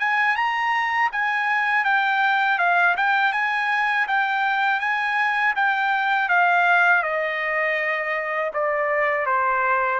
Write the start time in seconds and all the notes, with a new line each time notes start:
0.00 G#5
0.36 A#5
1.12 G#5
1.85 G5
2.58 F5
2.97 G5
3.33 G#5
4.08 G5
4.80 G#5
5.56 G5
6.29 F5
7.03 D#5
8.54 D5
9.26 C5